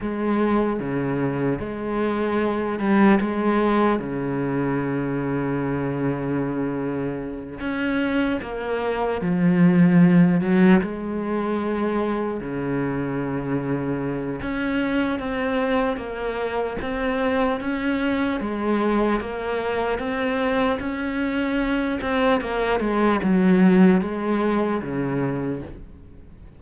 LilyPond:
\new Staff \with { instrumentName = "cello" } { \time 4/4 \tempo 4 = 75 gis4 cis4 gis4. g8 | gis4 cis2.~ | cis4. cis'4 ais4 f8~ | f4 fis8 gis2 cis8~ |
cis2 cis'4 c'4 | ais4 c'4 cis'4 gis4 | ais4 c'4 cis'4. c'8 | ais8 gis8 fis4 gis4 cis4 | }